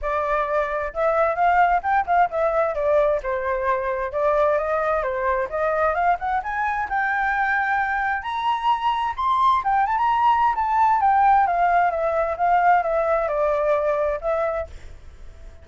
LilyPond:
\new Staff \with { instrumentName = "flute" } { \time 4/4 \tempo 4 = 131 d''2 e''4 f''4 | g''8 f''8 e''4 d''4 c''4~ | c''4 d''4 dis''4 c''4 | dis''4 f''8 fis''8 gis''4 g''4~ |
g''2 ais''2 | c'''4 g''8 a''16 ais''4~ ais''16 a''4 | g''4 f''4 e''4 f''4 | e''4 d''2 e''4 | }